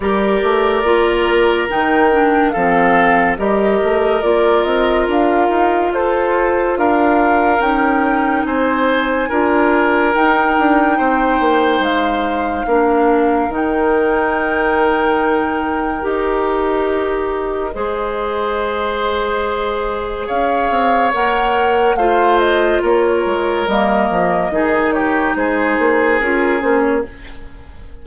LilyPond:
<<
  \new Staff \with { instrumentName = "flute" } { \time 4/4 \tempo 4 = 71 d''2 g''4 f''4 | dis''4 d''8 dis''8 f''4 c''4 | f''4 g''4 gis''2 | g''2 f''2 |
g''2. dis''4~ | dis''1 | f''4 fis''4 f''8 dis''8 cis''4 | dis''4. cis''8 c''4 ais'8 c''16 cis''16 | }
  \new Staff \with { instrumentName = "oboe" } { \time 4/4 ais'2. a'4 | ais'2. a'4 | ais'2 c''4 ais'4~ | ais'4 c''2 ais'4~ |
ais'1~ | ais'4 c''2. | cis''2 c''4 ais'4~ | ais'4 gis'8 g'8 gis'2 | }
  \new Staff \with { instrumentName = "clarinet" } { \time 4/4 g'4 f'4 dis'8 d'8 c'4 | g'4 f'2.~ | f'4 dis'2 f'4 | dis'2. d'4 |
dis'2. g'4~ | g'4 gis'2.~ | gis'4 ais'4 f'2 | ais4 dis'2 f'8 cis'8 | }
  \new Staff \with { instrumentName = "bassoon" } { \time 4/4 g8 a8 ais4 dis4 f4 | g8 a8 ais8 c'8 d'8 dis'8 f'4 | d'4 cis'4 c'4 d'4 | dis'8 d'8 c'8 ais8 gis4 ais4 |
dis2. dis'4~ | dis'4 gis2. | cis'8 c'8 ais4 a4 ais8 gis8 | g8 f8 dis4 gis8 ais8 cis'8 ais8 | }
>>